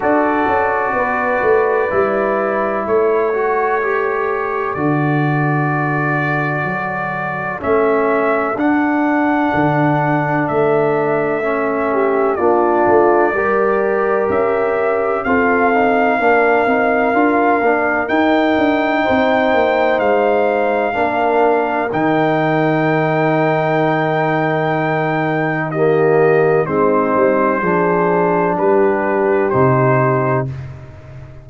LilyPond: <<
  \new Staff \with { instrumentName = "trumpet" } { \time 4/4 \tempo 4 = 63 d''2. cis''4~ | cis''4 d''2. | e''4 fis''2 e''4~ | e''4 d''2 e''4 |
f''2. g''4~ | g''4 f''2 g''4~ | g''2. dis''4 | c''2 b'4 c''4 | }
  \new Staff \with { instrumentName = "horn" } { \time 4/4 a'4 b'2 a'4~ | a'1~ | a'1~ | a'8 g'8 f'4 ais'2 |
a'4 ais'2. | c''2 ais'2~ | ais'2. g'4 | dis'4 gis'4 g'2 | }
  \new Staff \with { instrumentName = "trombone" } { \time 4/4 fis'2 e'4. fis'8 | g'4 fis'2. | cis'4 d'2. | cis'4 d'4 g'2 |
f'8 dis'8 d'8 dis'8 f'8 d'8 dis'4~ | dis'2 d'4 dis'4~ | dis'2. ais4 | c'4 d'2 dis'4 | }
  \new Staff \with { instrumentName = "tuba" } { \time 4/4 d'8 cis'8 b8 a8 g4 a4~ | a4 d2 fis4 | a4 d'4 d4 a4~ | a4 ais8 a8 g4 cis'4 |
c'4 ais8 c'8 d'8 ais8 dis'8 d'8 | c'8 ais8 gis4 ais4 dis4~ | dis1 | gis8 g8 f4 g4 c4 | }
>>